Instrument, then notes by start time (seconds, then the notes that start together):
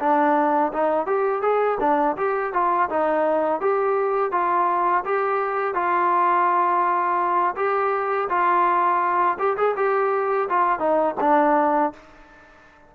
trombone
0.00 D4
0.73 D#4
1.06 G4
1.42 G#4
1.80 D4
2.17 G4
2.53 F4
2.90 D#4
3.61 G4
4.32 F4
5.05 G4
5.75 F4
7.56 G4
8.29 F4
9.39 G4
9.58 G#4
9.77 G4
10.50 F4
10.79 D#4
11.20 D4